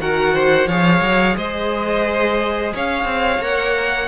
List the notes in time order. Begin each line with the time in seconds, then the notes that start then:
0.00 D#3 F#4 A#4 F#5
0.35 C5
0.67 F3 G#4 C#5 F5
1.02 F#3
1.37 G#3 C5 D#5
2.75 C#4 C#5 F5
3.05 C4
3.40 A#3 A#4 F#5